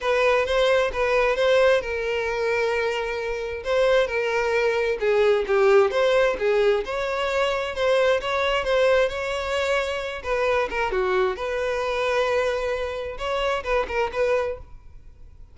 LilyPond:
\new Staff \with { instrumentName = "violin" } { \time 4/4 \tempo 4 = 132 b'4 c''4 b'4 c''4 | ais'1 | c''4 ais'2 gis'4 | g'4 c''4 gis'4 cis''4~ |
cis''4 c''4 cis''4 c''4 | cis''2~ cis''8 b'4 ais'8 | fis'4 b'2.~ | b'4 cis''4 b'8 ais'8 b'4 | }